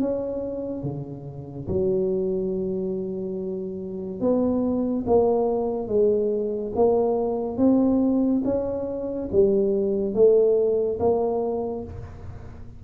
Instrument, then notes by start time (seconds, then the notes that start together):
tuba
0.00 C#4
0.83 C#3
1.67 F#3
4.20 B3
5.06 A#3
5.87 G#3
6.75 A#3
7.57 C4
8.44 C#4
9.31 G3
10.14 A3
10.99 A#3